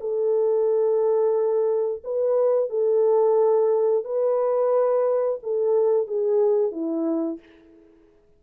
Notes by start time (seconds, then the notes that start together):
0.00 A4
2.04 B4
2.69 A4
4.04 B4
5.42 A4
6.07 G#4
6.71 E4